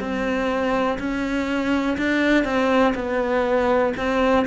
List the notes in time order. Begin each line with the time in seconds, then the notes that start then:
0.00 C4
0.99 C#4
1.97 D4
2.44 C4
2.95 B3
3.97 C4